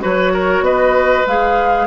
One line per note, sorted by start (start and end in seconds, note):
0.00 0.60 F#3
0.00 1.24 F#4
0.00 0.32 B4
0.00 0.64 C#5
0.33 0.64 A#4
0.60 1.22 B3
0.60 1.87 B4
0.60 1.26 D#5
1.26 1.87 G#3
1.26 1.87 G#4
1.26 1.87 F5